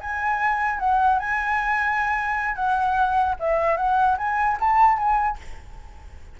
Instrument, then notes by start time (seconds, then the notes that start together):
flute
0.00 G#5
0.79 F#5
1.19 G#5
2.55 F#5
3.39 E5
3.76 F#5
4.17 G#5
4.60 A5
4.97 G#5